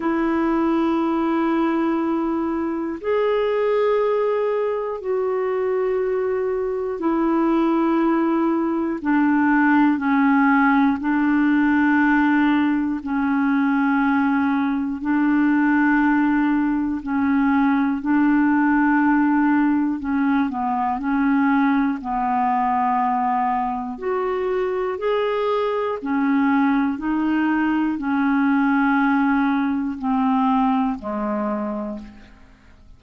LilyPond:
\new Staff \with { instrumentName = "clarinet" } { \time 4/4 \tempo 4 = 60 e'2. gis'4~ | gis'4 fis'2 e'4~ | e'4 d'4 cis'4 d'4~ | d'4 cis'2 d'4~ |
d'4 cis'4 d'2 | cis'8 b8 cis'4 b2 | fis'4 gis'4 cis'4 dis'4 | cis'2 c'4 gis4 | }